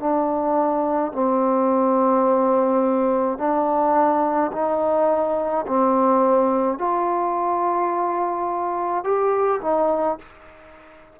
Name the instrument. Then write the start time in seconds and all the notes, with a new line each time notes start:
trombone
0.00 D4
1.13 C4
3.38 D4
4.53 D#4
5.68 C4
6.79 F4
9.04 G4
9.62 D#4